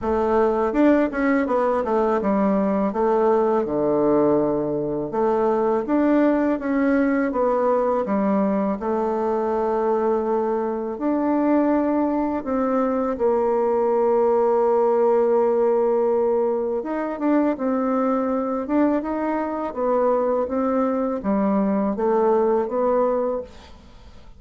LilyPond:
\new Staff \with { instrumentName = "bassoon" } { \time 4/4 \tempo 4 = 82 a4 d'8 cis'8 b8 a8 g4 | a4 d2 a4 | d'4 cis'4 b4 g4 | a2. d'4~ |
d'4 c'4 ais2~ | ais2. dis'8 d'8 | c'4. d'8 dis'4 b4 | c'4 g4 a4 b4 | }